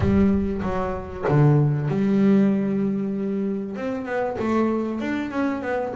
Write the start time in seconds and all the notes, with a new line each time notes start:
0.00 G3
0.62 F#3
1.28 D3
1.88 G3
3.76 C4
4.05 B3
4.38 A3
5.00 D4
5.31 C#4
5.62 B3